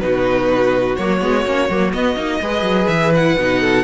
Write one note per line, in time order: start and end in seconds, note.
0.00 0.97 B2
0.00 0.97 D#4
0.00 2.43 F#4
0.00 0.96 B4
0.96 1.22 F#3
0.96 1.21 A#3
0.96 1.92 C#5
1.21 1.46 G#3
1.21 1.45 B3
1.45 1.70 A#3
1.45 1.69 C#4
1.70 1.94 F#3
1.70 1.93 A#3
1.93 2.17 B3
1.93 2.16 B3
1.93 2.88 D#5
2.16 2.40 A#3
2.16 2.41 D#4
2.41 2.62 G#3
2.41 3.15 G#4
2.41 3.61 B4
2.62 2.87 F#3
2.88 3.37 E3
2.88 3.12 E5
3.16 3.39 E4
3.16 3.85 F#5
3.38 3.85 B2
3.38 3.85 D#4
3.61 3.85 A4